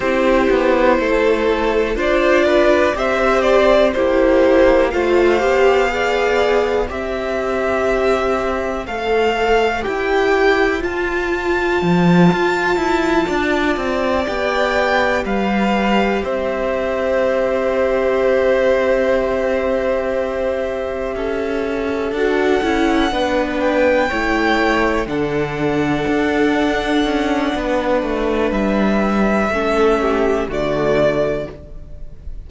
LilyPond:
<<
  \new Staff \with { instrumentName = "violin" } { \time 4/4 \tempo 4 = 61 c''2 d''4 e''8 d''8 | c''4 f''2 e''4~ | e''4 f''4 g''4 a''4~ | a''2~ a''8 g''4 f''8~ |
f''8 e''2.~ e''8~ | e''2~ e''8 fis''4. | g''4. fis''2~ fis''8~ | fis''4 e''2 d''4 | }
  \new Staff \with { instrumentName = "violin" } { \time 4/4 g'4 a'4 c''8 b'8 c''4 | g'4 c''4 d''4 c''4~ | c''1~ | c''4. d''2 b'8~ |
b'8 c''2.~ c''8~ | c''4. a'2 b'8~ | b'8 cis''4 a'2~ a'8 | b'2 a'8 g'8 fis'4 | }
  \new Staff \with { instrumentName = "viola" } { \time 4/4 e'2 f'4 g'4 | e'4 f'8 g'8 gis'4 g'4~ | g'4 a'4 g'4 f'4~ | f'2~ f'8 g'4.~ |
g'1~ | g'2~ g'8 fis'8 e'8 d'8~ | d'8 e'4 d'2~ d'8~ | d'2 cis'4 a4 | }
  \new Staff \with { instrumentName = "cello" } { \time 4/4 c'8 b8 a4 d'4 c'4 | ais4 a8 b4. c'4~ | c'4 a4 e'4 f'4 | f8 f'8 e'8 d'8 c'8 b4 g8~ |
g8 c'2.~ c'8~ | c'4. cis'4 d'8 cis'8 b8~ | b8 a4 d4 d'4 cis'8 | b8 a8 g4 a4 d4 | }
>>